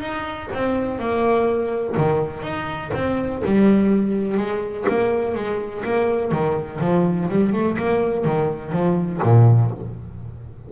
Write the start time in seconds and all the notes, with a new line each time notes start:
0.00 D#4
0.53 C4
0.99 A#3
1.97 D#3
2.42 D#4
2.94 C4
3.45 G3
4.37 G#3
4.88 A#3
5.34 G#3
5.84 A#3
6.31 D#3
6.80 F3
7.29 G3
7.53 A3
7.78 A#3
8.25 D#3
8.72 F3
9.23 A#2